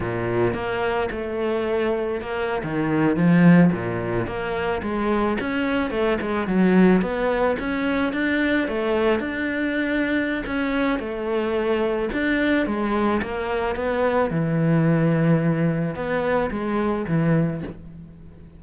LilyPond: \new Staff \with { instrumentName = "cello" } { \time 4/4 \tempo 4 = 109 ais,4 ais4 a2 | ais8. dis4 f4 ais,4 ais16~ | ais8. gis4 cis'4 a8 gis8 fis16~ | fis8. b4 cis'4 d'4 a16~ |
a8. d'2~ d'16 cis'4 | a2 d'4 gis4 | ais4 b4 e2~ | e4 b4 gis4 e4 | }